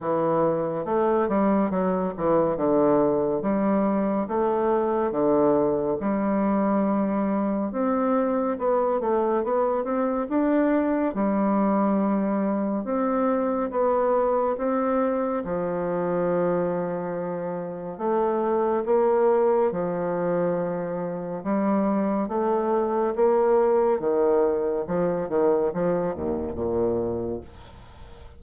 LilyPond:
\new Staff \with { instrumentName = "bassoon" } { \time 4/4 \tempo 4 = 70 e4 a8 g8 fis8 e8 d4 | g4 a4 d4 g4~ | g4 c'4 b8 a8 b8 c'8 | d'4 g2 c'4 |
b4 c'4 f2~ | f4 a4 ais4 f4~ | f4 g4 a4 ais4 | dis4 f8 dis8 f8 dis,8 ais,4 | }